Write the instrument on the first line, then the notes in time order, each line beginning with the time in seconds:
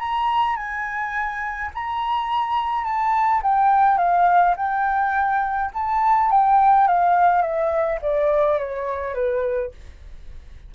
flute
0.00 A#5
0.57 G#5
1.75 A#5
2.85 A5
3.43 G5
3.98 F5
4.57 G5
5.75 A5
6.31 G5
6.88 F5
7.42 E5
8.03 D5
8.59 C#5
9.15 B4